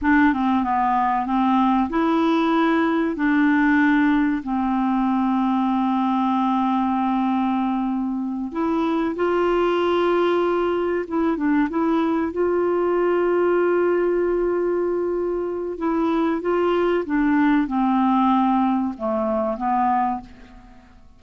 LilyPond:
\new Staff \with { instrumentName = "clarinet" } { \time 4/4 \tempo 4 = 95 d'8 c'8 b4 c'4 e'4~ | e'4 d'2 c'4~ | c'1~ | c'4. e'4 f'4.~ |
f'4. e'8 d'8 e'4 f'8~ | f'1~ | f'4 e'4 f'4 d'4 | c'2 a4 b4 | }